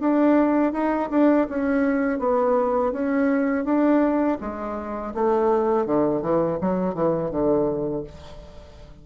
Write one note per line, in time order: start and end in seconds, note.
0.00 0.73 D4
0.73 1.10 D#4
1.11 1.47 D4
1.49 2.20 C#4
2.20 2.93 B3
2.93 3.65 C#4
3.65 4.38 D4
4.41 5.14 G#3
5.15 5.86 A3
5.86 6.22 D3
6.22 6.59 E3
6.61 6.95 F#3
6.95 7.31 E3
7.31 8.04 D3